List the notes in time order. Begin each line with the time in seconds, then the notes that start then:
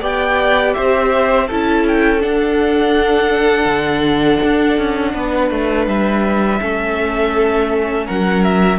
0.00 B3 G4 D5 G5
0.73 C4 C5 E5
1.47 C#4 E4 A4 A5
1.87 G5
2.20 D4 F#5
3.65 D3
4.43 D4
4.78 C#4
5.13 B3 B4
5.50 A3
5.87 G3 E5
6.60 A3 C#4 A4
8.06 F#3 A#4 F#5
8.43 E5